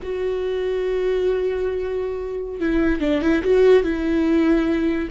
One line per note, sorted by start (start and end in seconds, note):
0.02 2.60 F#4
2.60 3.00 E4
3.00 3.21 D4
3.21 3.42 E4
3.43 3.83 F#4
3.83 5.08 E4